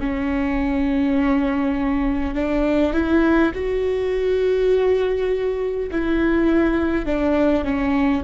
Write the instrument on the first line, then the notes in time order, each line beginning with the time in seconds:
viola
0.00 C#4
2.35 D4
2.93 E4
3.55 F#4
5.91 E4
7.06 D4
7.65 C#4